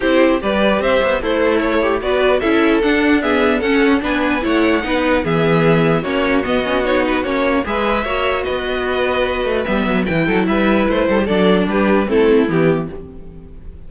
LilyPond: <<
  \new Staff \with { instrumentName = "violin" } { \time 4/4 \tempo 4 = 149 c''4 d''4 e''4 c''4 | cis''4 d''4 e''4 fis''4 | e''4 fis''4 gis''4 fis''4~ | fis''4 e''2 cis''4 |
dis''4 cis''8 b'8 cis''4 e''4~ | e''4 dis''2. | e''4 g''4 e''4 c''4 | d''4 b'4 a'4 g'4 | }
  \new Staff \with { instrumentName = "violin" } { \time 4/4 g'4 b'4 c''4 e'4~ | e'4 b'4 a'2 | gis'4 a'4 b'4 cis''4 | b'4 gis'2 fis'4~ |
fis'2. b'4 | cis''4 b'2.~ | b'4. a'8 b'4. a'16 g'16 | a'4 g'4 e'2 | }
  \new Staff \with { instrumentName = "viola" } { \time 4/4 e'4 g'2 a'4~ | a'8 g'8 fis'4 e'4 d'4 | b4 cis'4 d'4 e'4 | dis'4 b2 cis'4 |
b8 cis'8 dis'4 cis'4 gis'4 | fis'1 | b4 e'2. | d'2 c'4 b4 | }
  \new Staff \with { instrumentName = "cello" } { \time 4/4 c'4 g4 c'8 b8 a4~ | a4 b4 cis'4 d'4~ | d'4 cis'4 b4 a4 | b4 e2 ais4 |
b2 ais4 gis4 | ais4 b2~ b8 a8 | g8 fis8 e8 fis8 g4 a8 g8 | fis4 g4 a4 e4 | }
>>